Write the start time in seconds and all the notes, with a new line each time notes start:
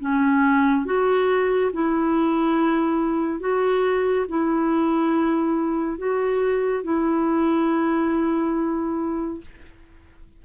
0.00 C#4
0.85 F#4
1.72 E4
3.40 F#4
4.28 E4
5.98 F#4
6.83 E4